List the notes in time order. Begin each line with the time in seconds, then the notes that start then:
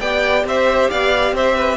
0.00 B3 G4 D5 G5
0.44 C4 C5 E5
0.89 B3 D5 F5
1.32 C4 C5 E5
1.55 B4